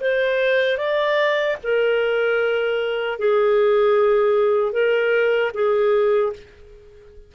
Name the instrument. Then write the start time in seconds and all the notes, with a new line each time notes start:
clarinet
0.00 C5
0.77 D5
1.63 A#4
3.18 G#4
4.72 A#4
5.53 G#4